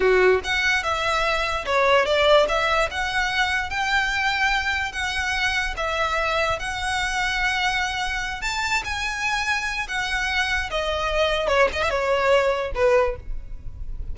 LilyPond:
\new Staff \with { instrumentName = "violin" } { \time 4/4 \tempo 4 = 146 fis'4 fis''4 e''2 | cis''4 d''4 e''4 fis''4~ | fis''4 g''2. | fis''2 e''2 |
fis''1~ | fis''8 a''4 gis''2~ gis''8 | fis''2 dis''2 | cis''8 dis''16 e''16 cis''2 b'4 | }